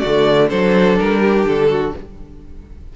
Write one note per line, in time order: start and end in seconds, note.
0.00 0.52 D3
0.00 0.50 A3
0.00 0.49 F#4
0.00 0.48 D5
0.49 1.00 F#3
0.49 1.94 D4
0.49 1.21 A4
0.49 0.98 C5
0.99 1.46 G3
0.99 1.47 A#4
1.21 1.69 G4
1.46 1.94 D3
1.46 1.96 A4
1.70 1.94 F#4